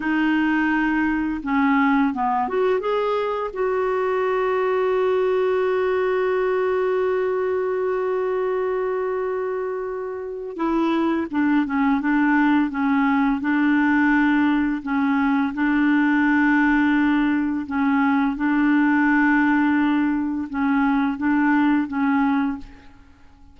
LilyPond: \new Staff \with { instrumentName = "clarinet" } { \time 4/4 \tempo 4 = 85 dis'2 cis'4 b8 fis'8 | gis'4 fis'2.~ | fis'1~ | fis'2. e'4 |
d'8 cis'8 d'4 cis'4 d'4~ | d'4 cis'4 d'2~ | d'4 cis'4 d'2~ | d'4 cis'4 d'4 cis'4 | }